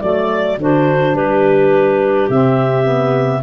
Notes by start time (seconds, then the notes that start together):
0.00 F#3 A3 D5
0.58 D3 D4 F#4 C5
1.15 G3 G4 B4
2.29 C3 C4 E5
2.84 B3